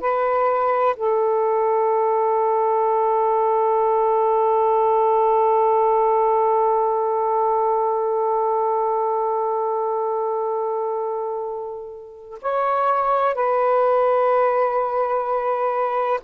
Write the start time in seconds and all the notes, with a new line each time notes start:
0.00 B4
0.96 A4
12.42 C#5
13.34 B4